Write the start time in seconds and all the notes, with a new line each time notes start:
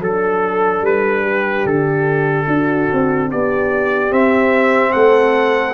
0.00 F#3 D4 A4
0.82 G3 B4
1.22 G4
1.66 D3 A4
2.47 D4 F#4
2.93 C4
3.30 B3 G4 D5
4.11 C4 E5
4.92 A3 A4 F#5